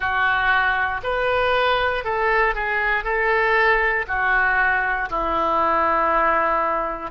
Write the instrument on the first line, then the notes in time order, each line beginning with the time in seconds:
oboe
0.00 F#4
1.03 B4
2.04 A4
2.54 G#4
3.04 A4
4.07 F#4
5.09 E4